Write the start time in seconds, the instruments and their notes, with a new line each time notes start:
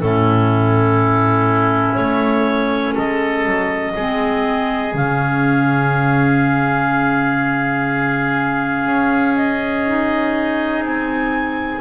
0.00 double bass A2, clarinet C#4 A4, oboe E4
1.95 double bass A3, clarinet C#5
2.94 double bass G#3, oboe A4, clarinet D#5
3.45 double bass F#3
3.95 double bass G#3, clarinet C4, oboe G#4
4.93 double bass C#3, clarinet C#4 F5
8.85 double bass C#4
9.36 clarinet D#5
9.86 clarinet D#4
10.82 double bass C4, clarinet G#5